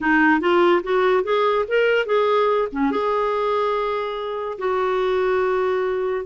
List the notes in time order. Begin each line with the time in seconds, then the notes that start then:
0.00 D#4
0.40 F4
0.83 F#4
1.23 G#4
1.68 A#4
2.05 G#4
2.72 C#4
2.91 G#4
4.58 F#4